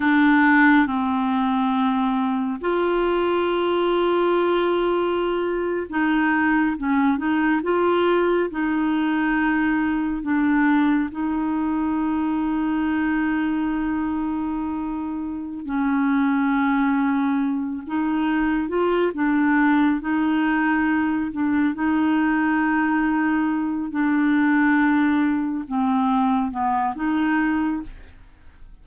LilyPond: \new Staff \with { instrumentName = "clarinet" } { \time 4/4 \tempo 4 = 69 d'4 c'2 f'4~ | f'2~ f'8. dis'4 cis'16~ | cis'16 dis'8 f'4 dis'2 d'16~ | d'8. dis'2.~ dis'16~ |
dis'2 cis'2~ | cis'8 dis'4 f'8 d'4 dis'4~ | dis'8 d'8 dis'2~ dis'8 d'8~ | d'4. c'4 b8 dis'4 | }